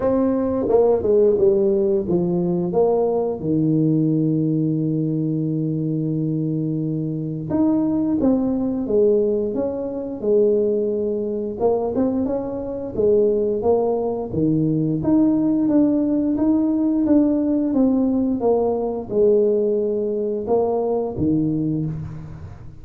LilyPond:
\new Staff \with { instrumentName = "tuba" } { \time 4/4 \tempo 4 = 88 c'4 ais8 gis8 g4 f4 | ais4 dis2.~ | dis2. dis'4 | c'4 gis4 cis'4 gis4~ |
gis4 ais8 c'8 cis'4 gis4 | ais4 dis4 dis'4 d'4 | dis'4 d'4 c'4 ais4 | gis2 ais4 dis4 | }